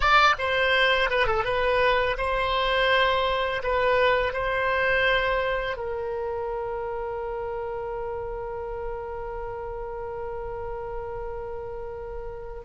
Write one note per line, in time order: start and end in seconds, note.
0.00 0.35 D5
0.38 1.09 C5
1.09 1.27 B4
1.27 1.44 A4
1.44 2.16 B4
2.17 3.62 C5
3.63 4.33 B4
4.33 5.76 C5
5.76 12.63 A#4